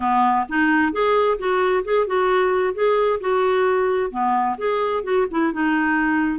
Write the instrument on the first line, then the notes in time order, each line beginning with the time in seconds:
clarinet
0.00 B3
0.49 D#4
0.92 G#4
1.38 F#4
1.84 G#4
2.07 F#4
2.74 G#4
3.20 F#4
4.10 B3
4.57 G#4
5.03 F#4
5.30 E4
5.52 D#4